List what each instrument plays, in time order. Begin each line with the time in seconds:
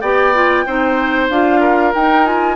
0.00 bassoon B3, clarinet G4, oboe D5, flute G5
0.34 clarinet F4
0.66 bassoon C4, clarinet D#4, oboe C5
1.29 bassoon D4, clarinet F4, flute F5
1.59 oboe A#4
1.94 clarinet D#4, bassoon D#4, flute G5
2.24 clarinet F4, flute G#5